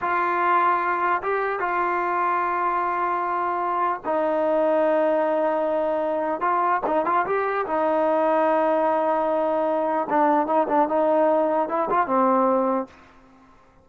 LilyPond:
\new Staff \with { instrumentName = "trombone" } { \time 4/4 \tempo 4 = 149 f'2. g'4 | f'1~ | f'2 dis'2~ | dis'1 |
f'4 dis'8 f'8 g'4 dis'4~ | dis'1~ | dis'4 d'4 dis'8 d'8 dis'4~ | dis'4 e'8 f'8 c'2 | }